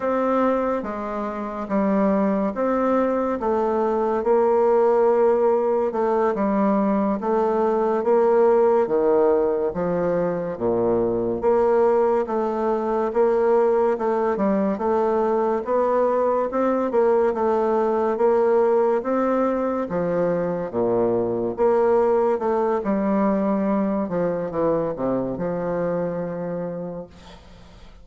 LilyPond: \new Staff \with { instrumentName = "bassoon" } { \time 4/4 \tempo 4 = 71 c'4 gis4 g4 c'4 | a4 ais2 a8 g8~ | g8 a4 ais4 dis4 f8~ | f8 ais,4 ais4 a4 ais8~ |
ais8 a8 g8 a4 b4 c'8 | ais8 a4 ais4 c'4 f8~ | f8 ais,4 ais4 a8 g4~ | g8 f8 e8 c8 f2 | }